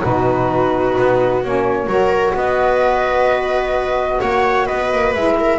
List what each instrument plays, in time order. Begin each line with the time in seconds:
0.00 double bass B2, saxophone D#4, viola F#4, flute B4
0.97 double bass B3
1.43 double bass A#3, saxophone C#4, flute C#5
1.86 double bass F#3, saxophone F#4, viola A#4
2.34 double bass B3, viola B4, flute D#5
4.21 double bass A#3, viola C#5, flute F#5
4.65 double bass B3, viola B4, flute D#5
4.92 double bass A#3
5.14 double bass G#3, saxophone E4, flute E5
5.39 viola A#4